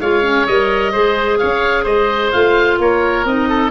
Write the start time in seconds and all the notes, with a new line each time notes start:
0.00 G#3 F4 C#5 F5
0.23 C#4
0.47 G3 A#4 D#5
0.92 G#3 G#4 C5
1.38 C#4 C#5 F5
1.83 G#3 C5 D#5
2.32 A3 F4 F5
2.79 A#3 A#4 C#5
3.25 C4 D#4 D#5
3.49 A4